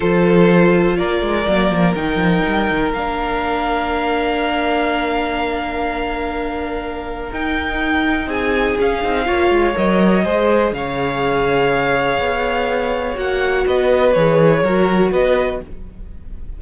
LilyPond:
<<
  \new Staff \with { instrumentName = "violin" } { \time 4/4 \tempo 4 = 123 c''2 d''2 | g''2 f''2~ | f''1~ | f''2. g''4~ |
g''4 gis''4 f''2 | dis''2 f''2~ | f''2. fis''4 | dis''4 cis''2 dis''4 | }
  \new Staff \with { instrumentName = "violin" } { \time 4/4 a'2 ais'2~ | ais'1~ | ais'1~ | ais'1~ |
ais'4 gis'2 cis''4~ | cis''4 c''4 cis''2~ | cis''1 | b'2 ais'4 b'4 | }
  \new Staff \with { instrumentName = "viola" } { \time 4/4 f'2. ais4 | dis'2 d'2~ | d'1~ | d'2. dis'4~ |
dis'2 cis'8 dis'8 f'4 | ais'4 gis'2.~ | gis'2. fis'4~ | fis'4 gis'4 fis'2 | }
  \new Staff \with { instrumentName = "cello" } { \time 4/4 f2 ais8 gis8 fis8 f8 | dis8 f8 g8 dis8 ais2~ | ais1~ | ais2. dis'4~ |
dis'4 c'4 cis'8 c'8 ais8 gis8 | fis4 gis4 cis2~ | cis4 b2 ais4 | b4 e4 fis4 b4 | }
>>